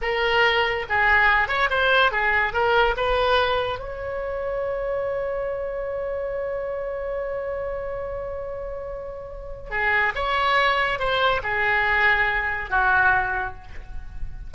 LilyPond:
\new Staff \with { instrumentName = "oboe" } { \time 4/4 \tempo 4 = 142 ais'2 gis'4. cis''8 | c''4 gis'4 ais'4 b'4~ | b'4 cis''2.~ | cis''1~ |
cis''1~ | cis''2. gis'4 | cis''2 c''4 gis'4~ | gis'2 fis'2 | }